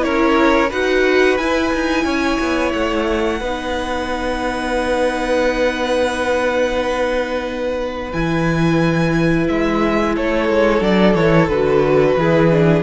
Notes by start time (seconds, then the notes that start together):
0.00 C#4 E4 A#4 C#5
0.70 D#4 F#4 B4 F#5
1.38 E4 G#5
1.74 D#4
2.05 C#4 C#5
2.40 B3
2.73 A3 F#5
3.40 B3 D#4 B4
8.13 E3 E4 G#5
9.48 G#3 E5
10.15 A3 A4 C#5
10.49 G#3
10.81 F#3 D4 D5
11.15 E3 E4 C#5
11.48 D3 F#4 B4
12.17 E3 E4 G#4
12.52 D4